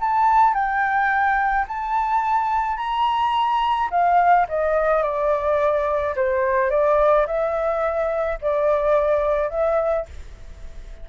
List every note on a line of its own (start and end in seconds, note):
0.00 0.54 A5
0.54 1.66 G5
1.68 2.77 A5
2.77 3.89 A#5
3.90 4.47 F5
4.49 5.03 D#5
5.03 6.15 D5
6.16 6.70 C5
6.70 7.26 D5
7.26 8.39 E5
8.41 9.50 D5
9.50 10.06 E5